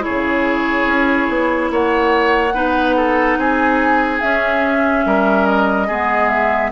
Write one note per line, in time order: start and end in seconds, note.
0.00 2.50 E4
0.00 1.71 G#4
0.00 1.71 C#5
0.09 0.86 C#3
0.86 1.27 C#4
1.28 1.70 B3
1.70 2.54 A#3
1.70 2.54 C#5
1.70 3.39 F#5
2.54 3.37 B3
2.54 4.21 D#4
2.54 2.95 B4
2.96 3.38 A4
3.37 4.20 C4
3.37 5.05 G#4
3.37 4.21 G#5
4.21 5.88 C#4
4.21 5.06 C#4
4.21 5.46 E5
5.06 5.89 G3
5.06 5.87 A#4
5.46 6.29 D#5
5.87 6.72 G#3
5.87 6.72 B3
5.87 6.70 G#4
6.29 6.70 E5